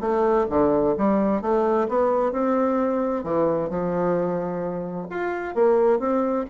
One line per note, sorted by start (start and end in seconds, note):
0.00 0.46 A3
0.49 0.95 D3
0.97 1.41 G3
1.41 1.87 A3
1.88 2.32 B3
2.32 3.23 C4
3.23 3.69 E3
3.69 5.07 F3
5.10 5.54 F4
5.54 5.99 A#3
5.99 6.45 C4